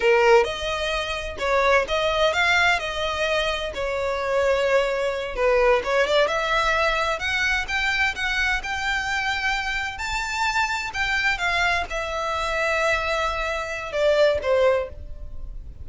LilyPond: \new Staff \with { instrumentName = "violin" } { \time 4/4 \tempo 4 = 129 ais'4 dis''2 cis''4 | dis''4 f''4 dis''2 | cis''2.~ cis''8 b'8~ | b'8 cis''8 d''8 e''2 fis''8~ |
fis''8 g''4 fis''4 g''4.~ | g''4. a''2 g''8~ | g''8 f''4 e''2~ e''8~ | e''2 d''4 c''4 | }